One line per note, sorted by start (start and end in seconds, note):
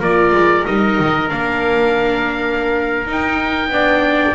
0.00 0.33 A#3
0.00 0.65 F4
0.00 3.71 A#4
0.00 0.66 D5
0.33 0.65 G#3
0.65 1.00 G3
0.65 1.29 D#4
0.65 1.30 D#5
1.00 1.32 D#3
1.29 3.07 A#3
1.29 3.07 D4
1.29 3.07 F5
3.07 3.71 D#4
3.07 3.69 D#4
3.07 4.35 G5
3.69 4.34 B3
3.69 4.35 D4
3.69 4.35 D5